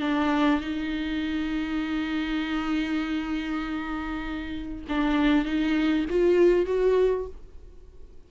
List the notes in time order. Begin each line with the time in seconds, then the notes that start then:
0.00 D4
0.60 D#4
4.88 D4
5.45 D#4
6.09 F4
6.66 F#4